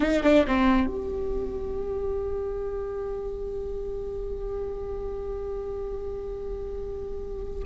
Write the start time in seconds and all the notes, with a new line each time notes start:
0.00 D#4
0.23 D4
0.47 C4
0.86 G4